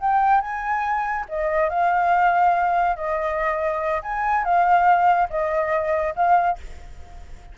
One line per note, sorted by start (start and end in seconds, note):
0.00 0.41 G5
0.41 1.26 G#5
1.29 1.70 D#5
1.70 2.97 F5
2.97 4.02 D#5
4.02 4.45 G#5
4.45 5.29 F5
5.30 6.15 D#5
6.16 6.58 F5